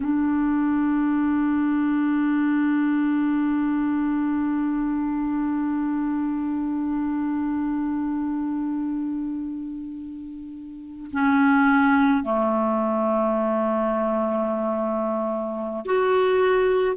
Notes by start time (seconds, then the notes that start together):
0.00 D4
11.12 C#4
12.23 A3
15.85 F#4